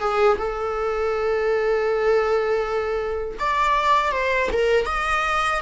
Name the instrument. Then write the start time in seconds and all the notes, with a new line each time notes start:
viola
0.00 G#4
0.39 A4
3.40 D5
4.12 C5
4.52 A#4
4.86 D#5